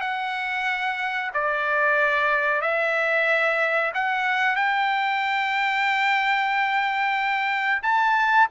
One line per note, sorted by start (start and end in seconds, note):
0.00 1.30 F#5
1.33 2.61 D5
2.61 3.91 E5
3.94 4.56 F#5
4.56 7.82 G5
7.82 8.48 A5